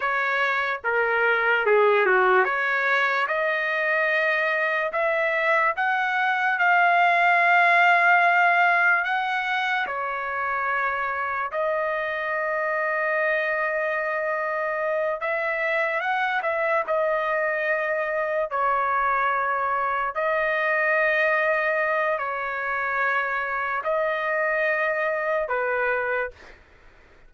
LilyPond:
\new Staff \with { instrumentName = "trumpet" } { \time 4/4 \tempo 4 = 73 cis''4 ais'4 gis'8 fis'8 cis''4 | dis''2 e''4 fis''4 | f''2. fis''4 | cis''2 dis''2~ |
dis''2~ dis''8 e''4 fis''8 | e''8 dis''2 cis''4.~ | cis''8 dis''2~ dis''8 cis''4~ | cis''4 dis''2 b'4 | }